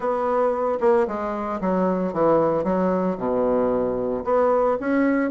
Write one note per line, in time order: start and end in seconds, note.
0.00 0.78 B3
0.80 1.06 A#3
1.07 1.60 G#3
1.60 2.13 F#3
2.13 2.64 E3
2.64 3.17 F#3
3.17 4.24 B2
4.24 4.77 B3
4.80 5.30 C#4